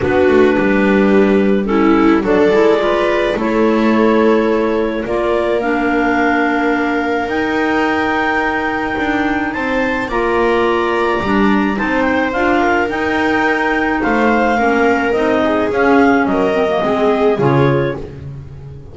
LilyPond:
<<
  \new Staff \with { instrumentName = "clarinet" } { \time 4/4 \tempo 4 = 107 b'2. a'4 | d''2 cis''2~ | cis''4 d''4 f''2~ | f''4 g''2.~ |
g''4 a''4 ais''2~ | ais''4 a''8 g''8 f''4 g''4~ | g''4 f''2 dis''4 | f''4 dis''2 cis''4 | }
  \new Staff \with { instrumentName = "viola" } { \time 4/4 fis'4 g'2 e'4 | a'4 b'4 a'2~ | a'4 ais'2.~ | ais'1~ |
ais'4 c''4 d''2~ | d''4 c''4. ais'4.~ | ais'4 c''4 ais'4. gis'8~ | gis'4 ais'4 gis'2 | }
  \new Staff \with { instrumentName = "clarinet" } { \time 4/4 d'2. cis'4 | d'8 e'8 f'4 e'2~ | e'4 f'4 d'2~ | d'4 dis'2.~ |
dis'2 f'2 | d'4 dis'4 f'4 dis'4~ | dis'2 cis'4 dis'4 | cis'4. c'16 ais16 c'4 f'4 | }
  \new Staff \with { instrumentName = "double bass" } { \time 4/4 b8 a8 g2. | fis8 gis4. a2~ | a4 ais2.~ | ais4 dis'2. |
d'4 c'4 ais2 | g4 c'4 d'4 dis'4~ | dis'4 a4 ais4 c'4 | cis'4 fis4 gis4 cis4 | }
>>